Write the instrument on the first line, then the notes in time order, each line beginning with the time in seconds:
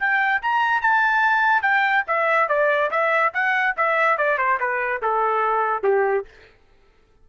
trumpet
0.00 G5
0.42 A#5
0.81 A5
1.62 G5
2.08 E5
2.49 D5
2.91 E5
3.34 F#5
3.77 E5
4.18 D5
4.38 C5
4.60 B4
5.02 A4
5.83 G4